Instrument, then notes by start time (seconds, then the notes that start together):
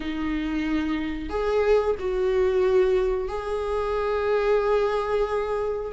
viola
0.00 D#4
1.29 G#4
1.99 F#4
3.28 G#4